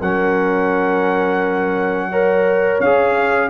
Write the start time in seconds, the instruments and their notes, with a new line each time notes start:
0.00 tuba F#3, trombone C#4, horn A#4, trumpet F#5
2.09 trombone A#4, horn C#5
2.80 tuba C#4, trombone G#4, trumpet F5